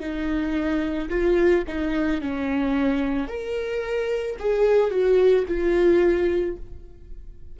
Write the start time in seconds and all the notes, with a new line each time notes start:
0.00 D#4
1.10 F4
1.68 D#4
2.21 C#4
3.28 A#4
4.39 G#4
4.91 F#4
5.48 F4